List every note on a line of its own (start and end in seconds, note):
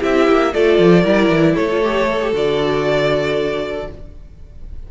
0.00 0.28 C4
0.00 0.52 E4
0.00 0.52 G4
0.00 0.54 E5
0.28 0.54 A#3
0.53 0.79 A3
0.53 1.05 F4
0.53 1.02 A4
0.53 1.56 D5
0.79 1.05 F3
1.02 1.30 G3
1.02 1.70 E4
1.02 1.54 A#4
1.30 1.55 E3
1.55 2.33 A3
1.55 3.87 A4
1.55 2.33 C#5
1.71 1.83 F4
1.83 2.09 G4
2.10 2.22 A4
2.22 2.34 G4
2.33 3.88 D3
2.33 3.89 F#4
2.33 3.91 D5